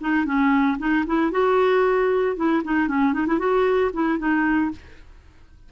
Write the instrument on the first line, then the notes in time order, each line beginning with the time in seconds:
clarinet
0.00 D#4
0.25 C#4
0.78 D#4
1.06 E4
1.31 F#4
2.36 E4
2.64 D#4
2.88 C#4
3.13 D#4
3.27 E4
3.38 F#4
3.93 E4
4.18 D#4